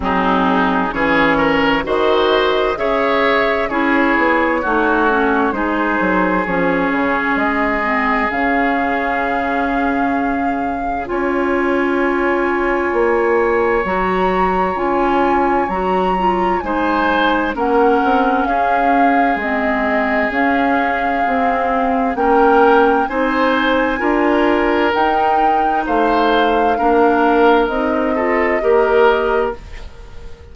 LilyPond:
<<
  \new Staff \with { instrumentName = "flute" } { \time 4/4 \tempo 4 = 65 gis'4 cis''4 dis''4 e''4 | cis''2 c''4 cis''4 | dis''4 f''2. | gis''2. ais''4 |
gis''4 ais''4 gis''4 fis''4 | f''4 dis''4 f''2 | g''4 gis''2 g''4 | f''2 dis''2 | }
  \new Staff \with { instrumentName = "oboe" } { \time 4/4 dis'4 gis'8 ais'8 c''4 cis''4 | gis'4 fis'4 gis'2~ | gis'1 | cis''1~ |
cis''2 c''4 ais'4 | gis'1 | ais'4 c''4 ais'2 | c''4 ais'4. a'8 ais'4 | }
  \new Staff \with { instrumentName = "clarinet" } { \time 4/4 c'4 cis'4 fis'4 gis'4 | e'4 dis'8 cis'8 dis'4 cis'4~ | cis'8 c'8 cis'2. | f'2. fis'4 |
f'4 fis'8 f'8 dis'4 cis'4~ | cis'4 c'4 cis'4 c'4 | cis'4 dis'4 f'4 dis'4~ | dis'4 d'4 dis'8 f'8 g'4 | }
  \new Staff \with { instrumentName = "bassoon" } { \time 4/4 fis4 e4 dis4 cis4 | cis'8 b8 a4 gis8 fis8 f8 cis8 | gis4 cis2. | cis'2 ais4 fis4 |
cis'4 fis4 gis4 ais8 c'8 | cis'4 gis4 cis'4 c'4 | ais4 c'4 d'4 dis'4 | a4 ais4 c'4 ais4 | }
>>